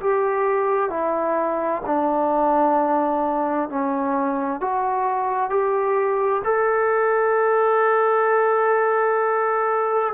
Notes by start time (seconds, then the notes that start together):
0.00 G4
0.89 E4
1.86 D4
3.69 C#4
4.61 F#4
5.50 G4
6.44 A4